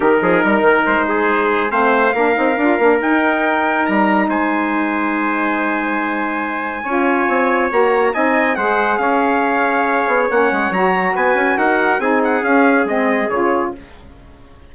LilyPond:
<<
  \new Staff \with { instrumentName = "trumpet" } { \time 4/4 \tempo 4 = 140 ais'2 c''2 | f''2. g''4~ | g''4 ais''4 gis''2~ | gis''1~ |
gis''2 ais''4 gis''4 | fis''4 f''2. | fis''4 ais''4 gis''4 fis''4 | gis''8 fis''8 f''4 dis''4 cis''4 | }
  \new Staff \with { instrumentName = "trumpet" } { \time 4/4 g'8 gis'8 ais'4. gis'4. | c''4 ais'2.~ | ais'2 c''2~ | c''1 |
cis''2. dis''4 | c''4 cis''2.~ | cis''2 b'4 ais'4 | gis'1 | }
  \new Staff \with { instrumentName = "saxophone" } { \time 4/4 dis'1 | c'4 d'8 dis'8 f'8 d'8 dis'4~ | dis'1~ | dis'1 |
f'2 fis'4 dis'4 | gis'1 | cis'4 fis'2. | dis'4 cis'4 c'4 f'4 | }
  \new Staff \with { instrumentName = "bassoon" } { \time 4/4 dis8 f8 g8 dis8 gis2 | a4 ais8 c'8 d'8 ais8 dis'4~ | dis'4 g4 gis2~ | gis1 |
cis'4 c'4 ais4 c'4 | gis4 cis'2~ cis'8 b8 | ais8 gis8 fis4 b8 cis'8 dis'4 | c'4 cis'4 gis4 cis4 | }
>>